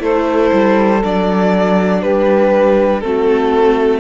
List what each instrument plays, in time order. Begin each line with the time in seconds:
0.00 cello A3, viola E4, saxophone A4, violin C5
0.53 cello G3
1.04 cello F#3, viola D4, violin D5
2.02 cello G3, saxophone G4, violin B4
3.01 cello A3, viola C4, saxophone F#4, violin A4